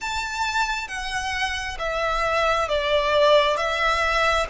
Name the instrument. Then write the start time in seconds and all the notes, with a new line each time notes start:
violin
0.00 A5
0.88 F#5
1.79 E5
2.68 D5
3.56 E5